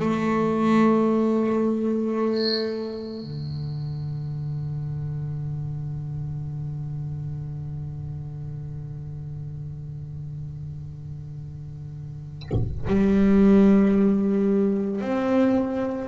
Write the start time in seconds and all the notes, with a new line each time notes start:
0.00 A3
3.21 D3
12.87 G3
15.01 C4